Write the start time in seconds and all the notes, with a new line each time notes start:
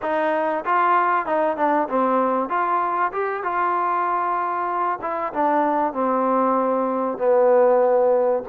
0.02 D#4
0.65 F4
1.26 D#4
1.57 D4
1.88 C4
2.49 F4
3.12 G4
3.43 F4
5.01 E4
5.33 D4
5.93 C4
7.18 B3